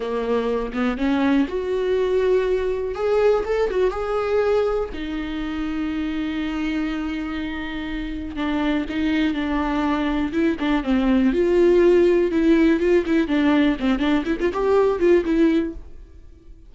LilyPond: \new Staff \with { instrumentName = "viola" } { \time 4/4 \tempo 4 = 122 ais4. b8 cis'4 fis'4~ | fis'2 gis'4 a'8 fis'8 | gis'2 dis'2~ | dis'1~ |
dis'4 d'4 dis'4 d'4~ | d'4 e'8 d'8 c'4 f'4~ | f'4 e'4 f'8 e'8 d'4 | c'8 d'8 e'16 f'16 g'4 f'8 e'4 | }